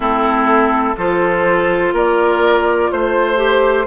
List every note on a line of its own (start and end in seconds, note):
0.00 0.94 A3
0.00 0.96 C4
0.00 0.96 E4
0.00 0.97 A4
0.97 1.93 F3
0.97 3.36 F4
0.97 1.94 A4
0.97 1.94 C5
1.93 2.89 A#3
1.93 2.90 A#4
1.93 2.91 D5
2.91 3.86 A3
2.91 3.86 C5
3.36 3.84 G4